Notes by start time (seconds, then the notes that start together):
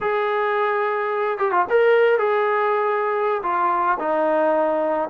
0.01 G#4
1.38 G4
1.51 F4
1.69 A#4
2.18 G#4
3.43 F4
3.99 D#4